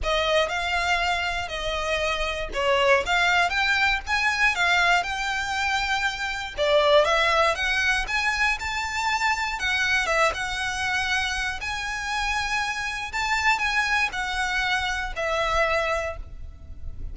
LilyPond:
\new Staff \with { instrumentName = "violin" } { \time 4/4 \tempo 4 = 119 dis''4 f''2 dis''4~ | dis''4 cis''4 f''4 g''4 | gis''4 f''4 g''2~ | g''4 d''4 e''4 fis''4 |
gis''4 a''2 fis''4 | e''8 fis''2~ fis''8 gis''4~ | gis''2 a''4 gis''4 | fis''2 e''2 | }